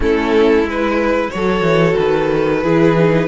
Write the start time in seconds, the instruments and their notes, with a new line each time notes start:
0.00 cello A3, viola C#4, violin E4 A4
0.62 cello G#3, viola E4
0.69 violin B4
1.30 cello F#3, viola F#4, violin A4 C#5
1.61 cello E3
1.98 cello D#3, violin B4
2.63 cello E3, viola E4, violin G#4
2.97 viola D#4